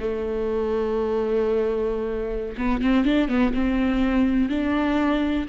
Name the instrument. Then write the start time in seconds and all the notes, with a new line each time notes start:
viola
0.00 A3
2.58 B3
2.82 C4
3.05 D4
3.29 B3
3.54 C4
4.49 D4